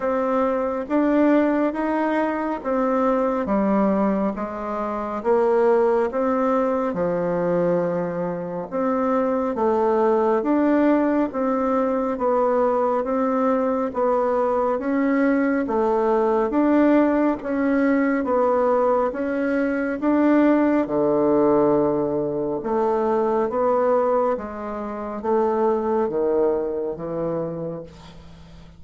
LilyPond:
\new Staff \with { instrumentName = "bassoon" } { \time 4/4 \tempo 4 = 69 c'4 d'4 dis'4 c'4 | g4 gis4 ais4 c'4 | f2 c'4 a4 | d'4 c'4 b4 c'4 |
b4 cis'4 a4 d'4 | cis'4 b4 cis'4 d'4 | d2 a4 b4 | gis4 a4 dis4 e4 | }